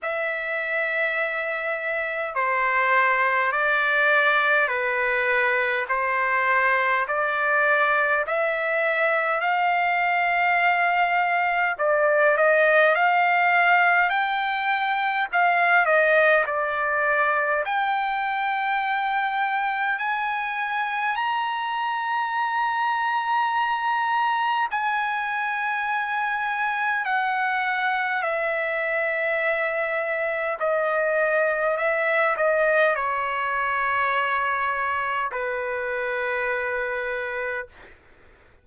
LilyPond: \new Staff \with { instrumentName = "trumpet" } { \time 4/4 \tempo 4 = 51 e''2 c''4 d''4 | b'4 c''4 d''4 e''4 | f''2 d''8 dis''8 f''4 | g''4 f''8 dis''8 d''4 g''4~ |
g''4 gis''4 ais''2~ | ais''4 gis''2 fis''4 | e''2 dis''4 e''8 dis''8 | cis''2 b'2 | }